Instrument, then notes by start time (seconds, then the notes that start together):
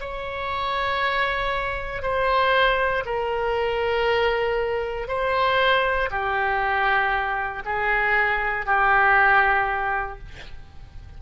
oboe
0.00 C#5
2.02 C5
3.06 A#4
5.08 C5
6.10 G4
7.65 G#4
8.66 G4